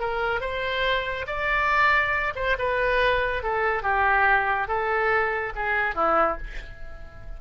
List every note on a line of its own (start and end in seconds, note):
0.00 0.41 A#4
0.41 1.26 C5
1.27 2.34 D5
2.36 2.57 C5
2.59 3.43 B4
3.43 3.83 A4
3.83 4.68 G4
4.68 5.53 A4
5.56 5.95 G#4
5.95 6.38 E4